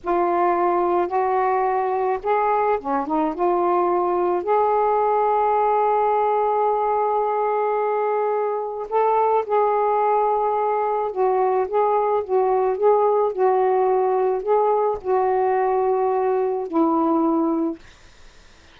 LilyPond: \new Staff \with { instrumentName = "saxophone" } { \time 4/4 \tempo 4 = 108 f'2 fis'2 | gis'4 cis'8 dis'8 f'2 | gis'1~ | gis'1 |
a'4 gis'2. | fis'4 gis'4 fis'4 gis'4 | fis'2 gis'4 fis'4~ | fis'2 e'2 | }